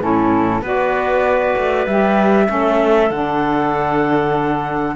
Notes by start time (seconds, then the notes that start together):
0.00 A2 C#4 E4 A4
0.61 B3 F#4 B4 D5
1.58 A3
1.87 G3 G4 E5
2.47 A3 C#4 A4
3.11 D3 D4 F#5